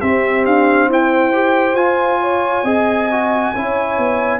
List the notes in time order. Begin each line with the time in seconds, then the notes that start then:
0.00 C4 G4 E5
0.45 D4 F5
0.88 E4 C5 G5
1.33 G4
1.74 F4 G#5
2.21 C#5
2.63 C4 G#4 D#5
3.11 F#4
3.54 C#4 E4 C#5
3.98 B3